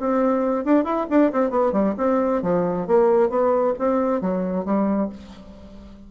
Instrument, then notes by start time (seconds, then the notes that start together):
bassoon
0.00 C4
0.65 D4
0.84 E4
1.10 D4
1.33 C4
1.51 B3
1.72 G3
1.98 C4
2.43 F3
2.87 A#3
3.30 B3
3.79 C4
4.21 F#3
4.65 G3